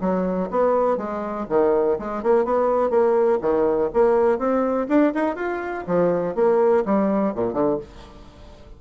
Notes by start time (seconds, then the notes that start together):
0.00 F#3
0.50 B3
0.97 G#3
1.49 D#3
1.98 G#3
2.22 A#3
2.45 B3
2.90 A#3
3.41 D#3
3.93 A#3
4.38 C4
4.88 D4
5.14 D#4
5.35 F4
5.86 F3
6.35 A#3
6.85 G3
7.35 A#2
7.53 D3